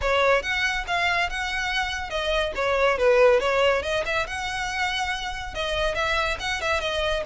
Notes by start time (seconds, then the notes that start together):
0.01 C#5
0.42 F#5
0.87 F5
1.29 F#5
2.09 D#5
2.55 C#5
2.98 B4
3.39 C#5
3.82 D#5
4.05 E5
4.26 F#5
5.54 D#5
5.95 E5
6.39 F#5
6.61 E5
6.80 D#5